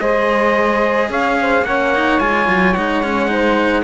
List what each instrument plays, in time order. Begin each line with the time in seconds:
0.00 cello G#3 G#4, saxophone C5, trumpet D#5
1.09 cello C#4, saxophone C#5, trumpet F5
1.41 saxophone C5
1.62 cello A#3 C#4, saxophone C#5, trumpet F#5
1.95 cello D#4
2.20 cello G#3 F4, trumpet G#5
2.48 cello F#3
2.74 cello G#3 D#4, trumpet F#5
3.03 cello C#4
3.28 cello D#4, saxophone C5